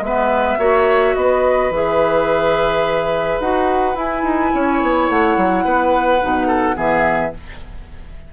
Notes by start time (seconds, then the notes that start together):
0.00 G#3 B3 B4 E5
0.58 A#3 F#4 C#5
1.15 B3 B4 D#5
1.70 E3 G#4 E5
3.40 D#4 F#4 F#5
3.94 E4 G#5
4.22 D#4
4.54 C#4 C#5
4.82 B3
5.09 A3 F#5
5.37 F#3
5.64 B3 B4
6.21 B2 D#4
6.47 A4
6.74 E3 B3 G#4 E5